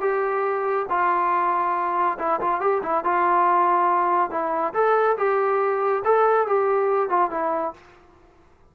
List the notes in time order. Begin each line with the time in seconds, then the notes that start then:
0.00 G4
0.89 F4
2.18 E4
2.40 F4
2.60 G4
2.82 E4
3.04 F4
4.31 E4
4.74 A4
5.17 G4
6.04 A4
6.47 G4
7.09 F4
7.30 E4